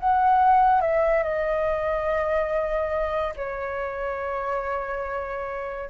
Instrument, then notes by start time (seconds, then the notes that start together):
flute
0.00 F#5
0.81 E5
1.23 D#5
3.36 C#5